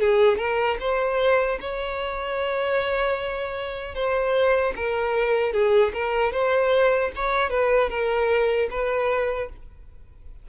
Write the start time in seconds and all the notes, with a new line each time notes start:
0.00 G#4
0.37 A#4
0.80 C5
1.60 C#5
3.94 C5
4.75 A#4
5.53 G#4
5.93 A#4
6.32 C5
7.15 C#5
7.50 B4
7.89 A#4
8.70 B4